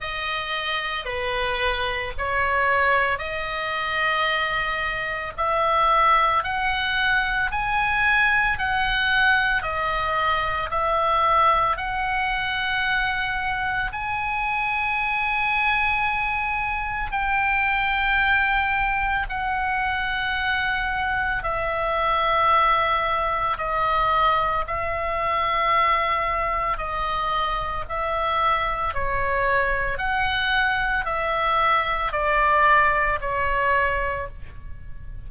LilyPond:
\new Staff \with { instrumentName = "oboe" } { \time 4/4 \tempo 4 = 56 dis''4 b'4 cis''4 dis''4~ | dis''4 e''4 fis''4 gis''4 | fis''4 dis''4 e''4 fis''4~ | fis''4 gis''2. |
g''2 fis''2 | e''2 dis''4 e''4~ | e''4 dis''4 e''4 cis''4 | fis''4 e''4 d''4 cis''4 | }